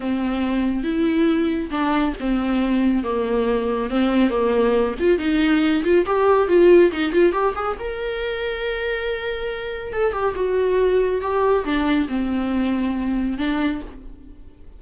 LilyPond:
\new Staff \with { instrumentName = "viola" } { \time 4/4 \tempo 4 = 139 c'2 e'2 | d'4 c'2 ais4~ | ais4 c'4 ais4. f'8 | dis'4. f'8 g'4 f'4 |
dis'8 f'8 g'8 gis'8 ais'2~ | ais'2. a'8 g'8 | fis'2 g'4 d'4 | c'2. d'4 | }